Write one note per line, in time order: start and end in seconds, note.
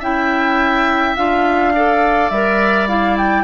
0.00 1.16 C#4
0.00 1.17 E4
0.00 1.73 E5
0.00 1.17 G5
1.17 2.31 D4
1.17 1.75 F4
1.17 2.30 F5
1.75 2.33 A4
1.75 3.44 D5
2.30 3.44 G3
2.30 2.89 A#4
2.30 2.88 E5
2.89 3.44 E4
2.89 3.18 F5
3.18 3.44 G5